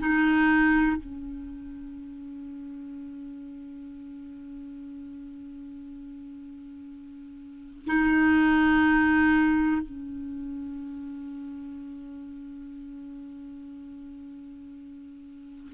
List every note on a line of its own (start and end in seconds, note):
0.00 0.97 D#4
0.97 7.86 C#4
7.86 9.82 D#4
9.82 15.72 C#4